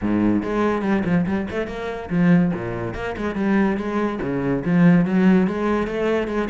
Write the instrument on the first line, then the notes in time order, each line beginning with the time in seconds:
cello
0.01 G#2
0.42 G#3
0.82 G3
1.04 F3
1.26 G3
1.50 A3
1.67 A#3
2.10 F3
2.54 A#2
2.94 A#3
3.17 G#3
3.35 G3
3.77 G#3
4.21 C#3
4.64 F3
5.05 F#3
5.47 G#3
5.87 A3
6.27 G#3